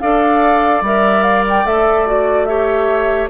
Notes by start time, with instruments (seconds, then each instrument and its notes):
0.00 bassoon D4, clarinet A4, oboe D5, flute F5
0.82 bassoon G3, clarinet A#4, flute E5
1.23 flute F5
1.49 flute G5
1.65 bassoon A3, clarinet A4, flute E5
2.07 clarinet F#4, flute D5
2.46 clarinet G4, oboe C#5, flute E5